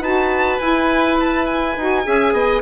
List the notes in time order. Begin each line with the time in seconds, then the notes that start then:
0.00 D#4 F#4 B4 A5
0.59 E4 G#5
1.20 A5
1.46 G#5
1.77 D#4 F#4
2.04 C#4 G#4 E5
2.33 B3 D#5